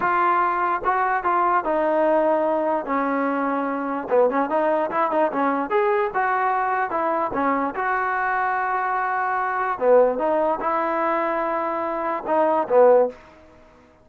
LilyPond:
\new Staff \with { instrumentName = "trombone" } { \time 4/4 \tempo 4 = 147 f'2 fis'4 f'4 | dis'2. cis'4~ | cis'2 b8 cis'8 dis'4 | e'8 dis'8 cis'4 gis'4 fis'4~ |
fis'4 e'4 cis'4 fis'4~ | fis'1 | b4 dis'4 e'2~ | e'2 dis'4 b4 | }